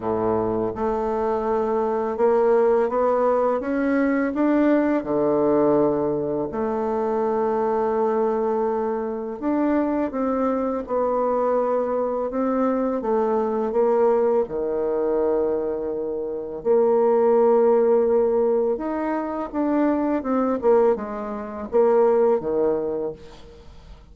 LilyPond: \new Staff \with { instrumentName = "bassoon" } { \time 4/4 \tempo 4 = 83 a,4 a2 ais4 | b4 cis'4 d'4 d4~ | d4 a2.~ | a4 d'4 c'4 b4~ |
b4 c'4 a4 ais4 | dis2. ais4~ | ais2 dis'4 d'4 | c'8 ais8 gis4 ais4 dis4 | }